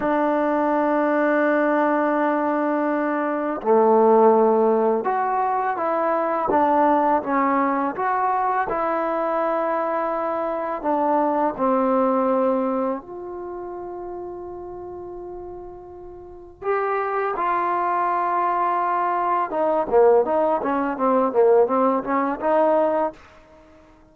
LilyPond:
\new Staff \with { instrumentName = "trombone" } { \time 4/4 \tempo 4 = 83 d'1~ | d'4 a2 fis'4 | e'4 d'4 cis'4 fis'4 | e'2. d'4 |
c'2 f'2~ | f'2. g'4 | f'2. dis'8 ais8 | dis'8 cis'8 c'8 ais8 c'8 cis'8 dis'4 | }